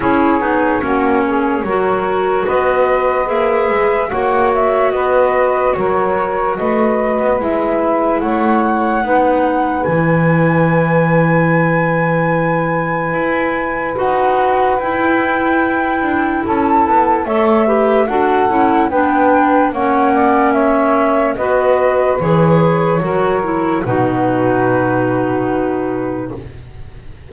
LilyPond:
<<
  \new Staff \with { instrumentName = "flute" } { \time 4/4 \tempo 4 = 73 cis''2. dis''4 | e''4 fis''8 e''8 dis''4 cis''4 | dis''4 e''4 fis''2 | gis''1~ |
gis''4 fis''4 g''2 | a''4 e''4 fis''4 g''4 | fis''4 e''4 dis''4 cis''4~ | cis''4 b'2. | }
  \new Staff \with { instrumentName = "saxophone" } { \time 4/4 gis'4 fis'8 gis'8 ais'4 b'4~ | b'4 cis''4 b'4 ais'4 | b'2 cis''4 b'4~ | b'1~ |
b'1 | a'4 cis''8 b'8 a'4 b'4 | cis''8 d''8 cis''4 b'2 | ais'4 fis'2. | }
  \new Staff \with { instrumentName = "clarinet" } { \time 4/4 e'8 dis'8 cis'4 fis'2 | gis'4 fis'2.~ | fis'4 e'2 dis'4 | e'1~ |
e'4 fis'4 e'2~ | e'4 a'8 g'8 fis'8 e'8 d'4 | cis'2 fis'4 gis'4 | fis'8 e'8 dis'2. | }
  \new Staff \with { instrumentName = "double bass" } { \time 4/4 cis'8 b8 ais4 fis4 b4 | ais8 gis8 ais4 b4 fis4 | a8. b16 gis4 a4 b4 | e1 |
e'4 dis'4 e'4. d'8 | cis'8 b8 a4 d'8 cis'8 b4 | ais2 b4 e4 | fis4 b,2. | }
>>